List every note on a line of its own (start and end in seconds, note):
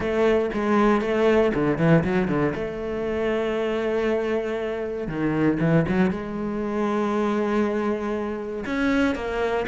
0.00 0.49 A3
0.53 1.01 G#3
1.01 1.52 A3
1.54 1.78 D3
1.78 2.03 E3
2.03 2.28 F#3
2.28 2.53 D3
2.54 5.07 A3
5.07 5.58 D#3
5.60 5.85 E3
5.88 6.10 F#3
6.10 8.64 G#3
8.66 9.15 C#4
9.15 9.65 A#3